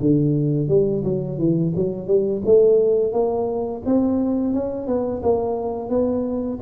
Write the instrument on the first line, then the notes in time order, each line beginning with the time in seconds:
tuba
0.00 D3
0.68 G3
1.04 F#3
1.38 E3
1.75 F#3
2.07 G3
2.45 A3
3.12 A#3
3.85 C4
4.53 C#4
4.87 B3
5.23 A#3
5.89 B3